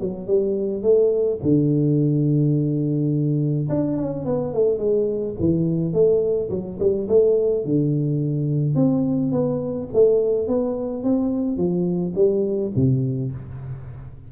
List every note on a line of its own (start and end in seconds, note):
0.00 0.27 F#3
0.27 0.82 G3
0.82 1.39 A3
1.42 3.68 D3
3.69 3.97 D4
3.97 4.25 C#4
4.25 4.53 B3
4.53 4.78 A3
4.78 5.35 G#3
5.39 5.93 E3
5.93 6.49 A3
6.50 6.78 F#3
6.79 7.08 G3
7.08 7.64 A3
7.64 8.75 D3
8.75 9.32 C4
9.32 9.88 B3
9.93 10.47 A3
10.47 11.03 B3
11.03 11.57 C4
11.57 12.13 F3
12.15 12.72 G3
12.75 13.32 C3